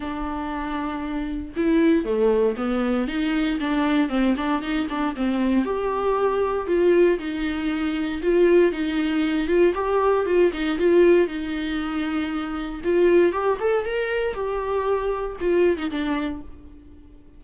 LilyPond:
\new Staff \with { instrumentName = "viola" } { \time 4/4 \tempo 4 = 117 d'2. e'4 | a4 b4 dis'4 d'4 | c'8 d'8 dis'8 d'8 c'4 g'4~ | g'4 f'4 dis'2 |
f'4 dis'4. f'8 g'4 | f'8 dis'8 f'4 dis'2~ | dis'4 f'4 g'8 a'8 ais'4 | g'2 f'8. dis'16 d'4 | }